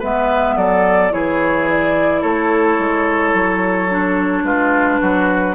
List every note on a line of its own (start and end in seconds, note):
0.00 0.56 G#3
0.00 1.11 B3
0.00 0.56 B4
0.00 0.58 E5
0.56 1.12 F#3
0.56 1.13 A4
0.56 1.13 D5
1.11 2.24 E3
1.11 3.89 E4
1.11 2.22 G#4
1.11 1.69 C#5
1.70 2.23 D5
2.22 2.79 A3
2.22 4.44 A4
2.22 4.45 C#5
2.79 3.33 G#3
3.33 4.44 F#3
3.90 5.56 D4
4.44 5.00 G#3
4.44 5.01 F4
4.44 5.56 B4
5.01 5.56 F#3
5.01 5.56 F#4